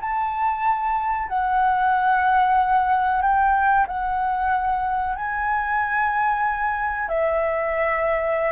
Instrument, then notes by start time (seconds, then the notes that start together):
flute
0.00 A5
1.28 F#5
3.21 G5
3.87 F#5
5.15 G#5
7.08 E5